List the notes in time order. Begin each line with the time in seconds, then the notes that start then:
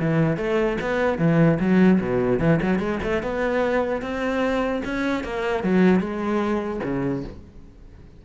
0.00 E3
0.37 A3
0.81 B3
1.19 E3
1.60 F#3
2.01 B2
2.40 E3
2.62 F#3
2.79 G#3
3.03 A3
3.23 B3
4.02 C4
4.85 C#4
5.24 A#3
5.64 F#3
6.00 G#3
6.84 C#3